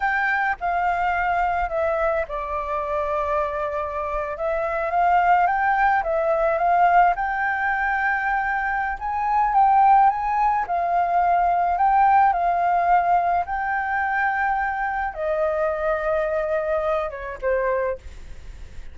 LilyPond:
\new Staff \with { instrumentName = "flute" } { \time 4/4 \tempo 4 = 107 g''4 f''2 e''4 | d''2.~ d''8. e''16~ | e''8. f''4 g''4 e''4 f''16~ | f''8. g''2.~ g''16 |
gis''4 g''4 gis''4 f''4~ | f''4 g''4 f''2 | g''2. dis''4~ | dis''2~ dis''8 cis''8 c''4 | }